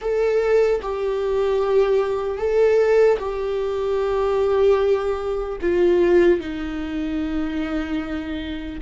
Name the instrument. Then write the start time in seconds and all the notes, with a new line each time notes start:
viola
0.01 A4
0.81 G4
2.38 A4
3.18 G4
5.61 F4
6.40 D#4